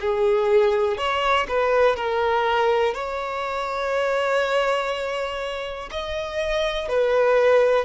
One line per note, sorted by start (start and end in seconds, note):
0.00 0.97 G#4
0.97 1.46 C#5
1.48 1.96 B4
1.96 2.94 A#4
2.94 5.89 C#5
5.91 6.89 D#5
6.89 7.85 B4